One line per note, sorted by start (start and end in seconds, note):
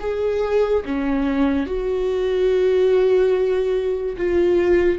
0.00 0.83 G#4
0.85 1.66 C#4
1.66 4.16 F#4
4.17 4.98 F4